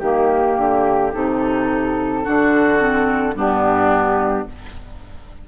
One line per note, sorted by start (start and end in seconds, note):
0.00 0.57 D#3
0.00 1.13 A#3
0.00 1.11 G4
0.00 2.23 G4
0.57 1.13 D3
1.13 2.25 C3
1.13 2.23 D#4
1.13 3.36 A4
2.23 3.34 D3
2.23 2.78 D4
2.23 3.34 F#4
2.78 3.34 C4
3.34 4.45 G2
3.34 4.47 B3
3.34 4.48 D4
3.34 4.48 G4